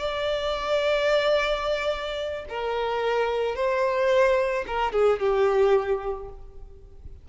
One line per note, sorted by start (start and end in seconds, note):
0.00 2.45 D5
2.49 3.56 A#4
3.56 4.65 C5
4.67 4.93 A#4
4.93 5.20 G#4
5.20 6.29 G4